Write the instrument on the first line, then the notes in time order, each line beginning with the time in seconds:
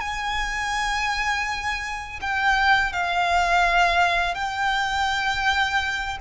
violin
0.00 G#5
2.21 G5
2.92 F5
4.34 G5